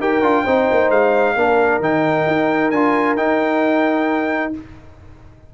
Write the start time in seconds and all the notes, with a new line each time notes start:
0.00 D#4 G4 A#4 G5
0.23 D4 F4
0.44 C4 D#4 C5
0.71 A#3
0.90 G#3 F5
1.36 A#3 D4 A#4
1.80 D#3 D#4 G5
2.27 D#4
2.71 D4 F4 G#5
3.17 D#4 G5